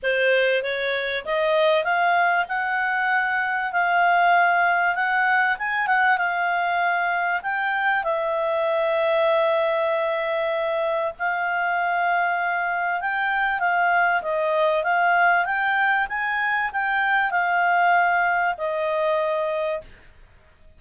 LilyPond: \new Staff \with { instrumentName = "clarinet" } { \time 4/4 \tempo 4 = 97 c''4 cis''4 dis''4 f''4 | fis''2 f''2 | fis''4 gis''8 fis''8 f''2 | g''4 e''2.~ |
e''2 f''2~ | f''4 g''4 f''4 dis''4 | f''4 g''4 gis''4 g''4 | f''2 dis''2 | }